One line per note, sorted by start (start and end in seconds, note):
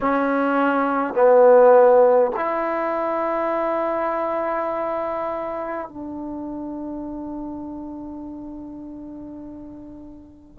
0.01 1.13 C#4
1.13 2.31 B3
2.35 5.88 E4
5.88 10.58 D4